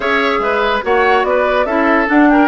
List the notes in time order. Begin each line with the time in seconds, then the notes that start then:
0.00 C#4 G#4 C#5 E5
0.39 G#3 B4
0.82 A#3 F#4 C#5 F#5
1.23 B3 B4 D5
1.65 C#4 E4 A4 E5
2.07 D4 F#5
2.30 A#4 G5